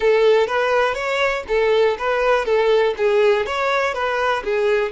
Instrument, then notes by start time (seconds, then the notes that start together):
violin
0.00 A4
0.47 B4
0.94 C#5
1.48 A4
1.98 B4
2.45 A4
2.97 G#4
3.46 C#5
3.94 B4
4.44 G#4